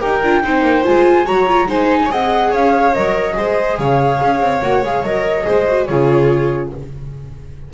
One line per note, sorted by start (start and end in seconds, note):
0.00 0.23 D#4
0.00 0.21 G4
0.00 0.43 A#4
0.00 0.84 G5
0.23 0.44 D4
0.23 0.44 F4
0.44 0.62 C4
0.44 0.84 D#4
0.44 1.26 C5
0.62 0.83 A#3
0.84 1.29 G#3
0.84 1.26 F4
0.84 1.27 G#5
1.26 1.68 F#3
1.26 1.47 F#4
1.26 1.68 C#5
1.26 1.69 A#5
1.48 1.68 F4
1.68 2.10 G#3
1.68 2.09 D#4
1.68 2.00 C5
1.68 2.12 G#5
2.05 2.53 C4
2.05 2.93 G#4
2.05 2.12 C#5
2.12 2.51 D#5
2.12 2.54 F#5
2.51 2.95 C#4
2.51 3.35 C#5
2.51 2.94 F5
2.94 3.37 F#3
2.94 3.33 A#4
2.94 3.78 D#5
3.33 3.79 G#3
3.33 4.59 G#4
3.33 3.79 C5
3.79 4.21 C#3
3.79 5.47 C#5
3.79 4.63 F5
4.22 4.40 C#4
4.40 4.61 C4
4.62 4.83 A#3
4.62 4.83 F#4
4.62 4.84 F#5
4.83 5.03 G#3
4.83 5.05 G#4
4.83 5.05 F5
5.03 5.45 F#3
5.03 5.44 A#4
5.03 5.86 D#5
5.44 5.89 G#3
5.44 5.65 G#4
5.44 5.88 C5
5.67 5.88 F#4
5.86 6.73 C#3
5.86 6.74 F4
5.86 6.72 G#4
5.86 6.70 C#5